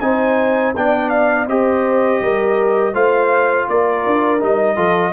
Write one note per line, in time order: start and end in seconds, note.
0.00 0.74 C4
0.00 0.75 D#4
0.00 0.77 C5
0.00 0.73 G#5
0.76 1.47 B3
0.76 1.48 D4
0.76 1.50 D5
0.76 1.09 G5
1.09 1.46 F5
1.47 2.20 C4
1.47 2.94 G4
1.47 2.22 C5
1.47 2.95 D#5
2.21 2.93 G3
2.21 2.94 A#4
2.93 3.66 A3
2.93 4.40 F4
2.93 3.67 C5
2.93 3.68 F5
3.69 4.05 A#3
3.69 4.76 A#4
3.69 4.42 D5
4.06 4.42 D4
4.40 4.77 G3
4.40 4.76 D#4
4.40 5.13 D#5
4.76 5.13 F3
4.76 5.13 F4
4.76 5.13 A4